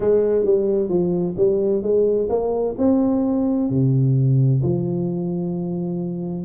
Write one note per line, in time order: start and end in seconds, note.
0.00 0.44 G#3
0.44 0.89 G3
0.89 1.35 F3
1.37 1.82 G3
1.82 2.28 G#3
2.29 2.75 A#3
2.78 3.69 C4
3.69 4.62 C3
4.62 6.45 F3